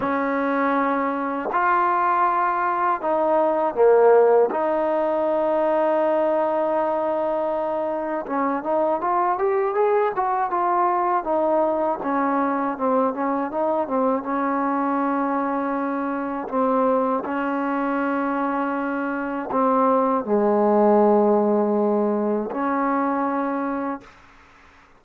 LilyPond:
\new Staff \with { instrumentName = "trombone" } { \time 4/4 \tempo 4 = 80 cis'2 f'2 | dis'4 ais4 dis'2~ | dis'2. cis'8 dis'8 | f'8 g'8 gis'8 fis'8 f'4 dis'4 |
cis'4 c'8 cis'8 dis'8 c'8 cis'4~ | cis'2 c'4 cis'4~ | cis'2 c'4 gis4~ | gis2 cis'2 | }